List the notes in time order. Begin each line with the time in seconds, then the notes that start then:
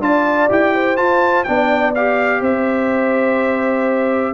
0.00 D4 F4 D5 A5
0.49 E4 G4 G5
0.74 C5
0.97 F4 A5
1.44 B3 D4 D5 G5
1.95 G4 F5
2.41 C4 C5 E5